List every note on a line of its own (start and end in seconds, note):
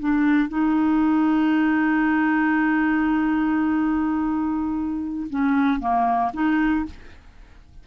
0.00 0.49 D4
0.49 5.28 D#4
5.30 5.80 C#4
5.80 6.32 A#3
6.34 6.86 D#4